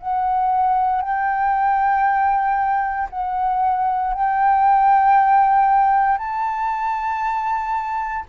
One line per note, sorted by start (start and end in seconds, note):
0.00 1.02 F#5
1.02 3.08 G5
3.10 4.13 F#5
4.13 6.18 G5
6.18 8.25 A5